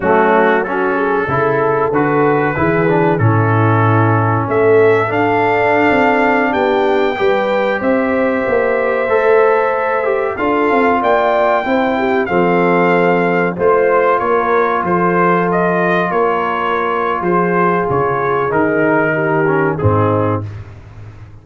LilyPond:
<<
  \new Staff \with { instrumentName = "trumpet" } { \time 4/4 \tempo 4 = 94 fis'4 a'2 b'4~ | b'4 a'2 e''4 | f''2~ f''16 g''4.~ g''16~ | g''16 e''2.~ e''8.~ |
e''16 f''4 g''2 f''8.~ | f''4~ f''16 c''4 cis''4 c''8.~ | c''16 dis''4 cis''4.~ cis''16 c''4 | cis''4 ais'2 gis'4 | }
  \new Staff \with { instrumentName = "horn" } { \time 4/4 cis'4 fis'8 gis'8 a'2 | gis'4 e'2 a'4~ | a'2~ a'16 g'4 b'8.~ | b'16 c''2.~ c''8.~ |
c''16 a'4 d''4 c''8 g'8 a'8.~ | a'4~ a'16 c''4 ais'4 a'8.~ | a'4~ a'16 ais'4.~ ais'16 gis'4~ | gis'2 g'4 dis'4 | }
  \new Staff \with { instrumentName = "trombone" } { \time 4/4 a4 cis'4 e'4 fis'4 | e'8 d'8 cis'2. | d'2.~ d'16 g'8.~ | g'2~ g'16 a'4. g'16~ |
g'16 f'2 e'4 c'8.~ | c'4~ c'16 f'2~ f'8.~ | f'1~ | f'4 dis'4. cis'8 c'4 | }
  \new Staff \with { instrumentName = "tuba" } { \time 4/4 fis2 cis4 d4 | e4 a,2 a4 | d'4~ d'16 c'4 b4 g8.~ | g16 c'4 ais4 a4.~ a16~ |
a16 d'8 c'8 ais4 c'4 f8.~ | f4~ f16 a4 ais4 f8.~ | f4~ f16 ais4.~ ais16 f4 | cis4 dis2 gis,4 | }
>>